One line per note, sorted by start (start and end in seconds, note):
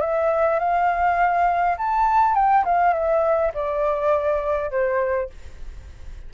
0.00 0.59 E5
0.59 1.76 F5
1.77 2.35 A5
2.35 2.64 G5
2.65 2.93 F5
2.93 3.52 E5
3.54 4.70 D5
4.70 5.29 C5